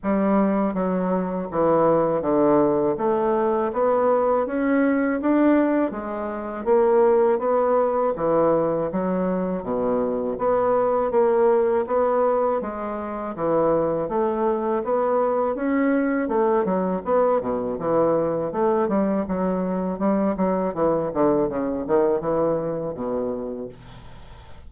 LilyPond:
\new Staff \with { instrumentName = "bassoon" } { \time 4/4 \tempo 4 = 81 g4 fis4 e4 d4 | a4 b4 cis'4 d'4 | gis4 ais4 b4 e4 | fis4 b,4 b4 ais4 |
b4 gis4 e4 a4 | b4 cis'4 a8 fis8 b8 b,8 | e4 a8 g8 fis4 g8 fis8 | e8 d8 cis8 dis8 e4 b,4 | }